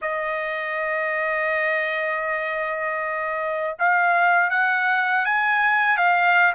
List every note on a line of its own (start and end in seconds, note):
0.01 3.76 D#5
3.78 4.50 F5
4.50 5.25 F#5
5.25 5.97 G#5
5.97 6.53 F5